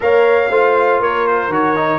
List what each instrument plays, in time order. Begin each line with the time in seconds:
0.00 tuba A#3, trombone A#4, horn C#5, trumpet F5
0.49 tuba A3, trombone F4, horn C5
0.99 tuba A#3, horn A#4, trumpet C#5
1.27 trumpet C5
1.48 tuba D#3, trombone F#4, trumpet C#5
1.76 trombone D#4